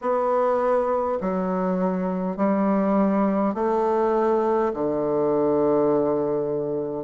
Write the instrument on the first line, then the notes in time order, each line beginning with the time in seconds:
bassoon
0.01 B3
1.20 F#3
2.36 G3
3.54 A3
4.73 D3